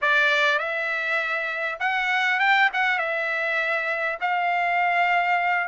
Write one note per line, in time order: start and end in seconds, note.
0.01 0.58 D5
0.58 1.78 E5
1.79 2.39 F#5
2.39 2.69 G5
2.73 2.98 F#5
2.98 4.18 E5
4.20 5.68 F5